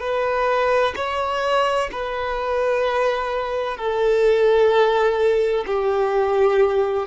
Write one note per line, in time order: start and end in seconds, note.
0.00 0.94 B4
0.96 1.90 C#5
1.91 3.77 B4
3.77 5.64 A4
5.66 7.07 G4